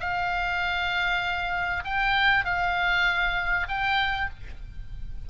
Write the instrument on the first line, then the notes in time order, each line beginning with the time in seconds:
oboe
0.00 F5
1.85 G5
2.45 F5
3.68 G5